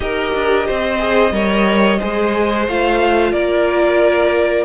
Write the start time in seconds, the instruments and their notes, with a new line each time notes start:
0.00 cello D#4, viola G4, violin A#4 D#5
0.34 cello D4
0.66 cello C4, violin C5
0.98 viola G#4
1.31 cello G3, viola A#4, violin C#5
1.98 cello G#3, viola G#4, violin C5
2.67 cello A3, viola F4, violin F5
3.32 cello A#3, violin A#4 D5